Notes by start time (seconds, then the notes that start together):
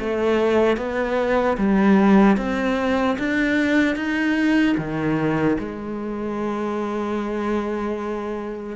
0.00 A3
0.77 B3
1.58 G3
2.37 C4
3.19 D4
3.96 D#4
4.78 D#3
5.60 G#3